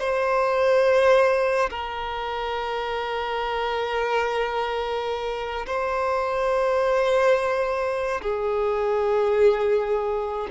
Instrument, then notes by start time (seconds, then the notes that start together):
violin
0.00 C5
1.70 A#4
5.67 C5
8.22 G#4